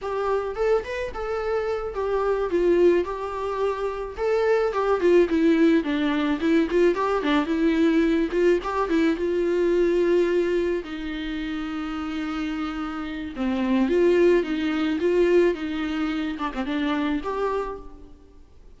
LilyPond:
\new Staff \with { instrumentName = "viola" } { \time 4/4 \tempo 4 = 108 g'4 a'8 b'8 a'4. g'8~ | g'8 f'4 g'2 a'8~ | a'8 g'8 f'8 e'4 d'4 e'8 | f'8 g'8 d'8 e'4. f'8 g'8 |
e'8 f'2. dis'8~ | dis'1 | c'4 f'4 dis'4 f'4 | dis'4. d'16 c'16 d'4 g'4 | }